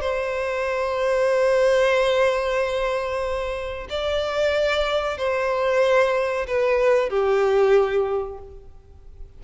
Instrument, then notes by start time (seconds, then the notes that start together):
violin
0.00 C5
3.89 D5
5.17 C5
6.47 B4
7.09 G4